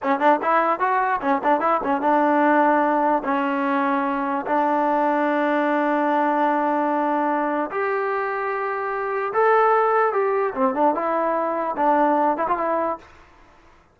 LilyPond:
\new Staff \with { instrumentName = "trombone" } { \time 4/4 \tempo 4 = 148 cis'8 d'8 e'4 fis'4 cis'8 d'8 | e'8 cis'8 d'2. | cis'2. d'4~ | d'1~ |
d'2. g'4~ | g'2. a'4~ | a'4 g'4 c'8 d'8 e'4~ | e'4 d'4. e'16 f'16 e'4 | }